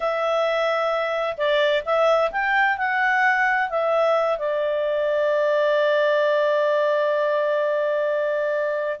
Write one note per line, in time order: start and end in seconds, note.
0.00 1.36 E5
1.37 1.83 D5
1.85 2.31 E5
2.31 2.77 G5
2.77 3.69 F#5
3.69 4.38 E5
4.38 8.99 D5